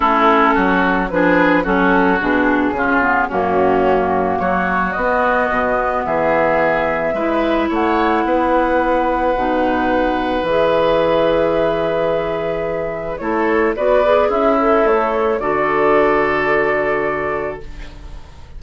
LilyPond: <<
  \new Staff \with { instrumentName = "flute" } { \time 4/4 \tempo 4 = 109 a'2 b'4 a'4 | gis'2 fis'2 | cis''4 dis''2 e''4~ | e''2 fis''2~ |
fis''2. e''4~ | e''1 | cis''4 d''4 e''4 cis''4 | d''1 | }
  \new Staff \with { instrumentName = "oboe" } { \time 4/4 e'4 fis'4 gis'4 fis'4~ | fis'4 f'4 cis'2 | fis'2. gis'4~ | gis'4 b'4 cis''4 b'4~ |
b'1~ | b'1 | a'4 b'4 e'2 | a'1 | }
  \new Staff \with { instrumentName = "clarinet" } { \time 4/4 cis'2 d'4 cis'4 | d'4 cis'8 b8 ais2~ | ais4 b2.~ | b4 e'2.~ |
e'4 dis'2 gis'4~ | gis'1 | e'4 fis'8 gis'4 a'4. | fis'1 | }
  \new Staff \with { instrumentName = "bassoon" } { \time 4/4 a4 fis4 f4 fis4 | b,4 cis4 fis,2 | fis4 b4 b,4 e4~ | e4 gis4 a4 b4~ |
b4 b,2 e4~ | e1 | a4 b4 cis'4 a4 | d1 | }
>>